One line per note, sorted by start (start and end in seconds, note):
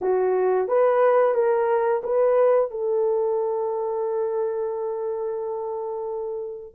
0.01 0.67 F#4
0.67 1.34 B4
1.34 2.01 A#4
2.03 2.71 B4
2.71 6.74 A4